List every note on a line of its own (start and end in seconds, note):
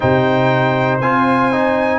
0.00 1.00 C3
0.00 1.02 D#4
0.00 1.99 C5
0.00 0.98 G5
1.00 1.99 C4
1.00 1.52 F4
1.00 1.99 G#5
1.52 1.99 D#4